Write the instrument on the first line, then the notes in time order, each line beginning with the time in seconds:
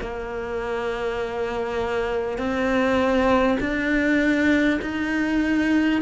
cello
0.00 A#3
2.38 C4
3.60 D4
4.81 D#4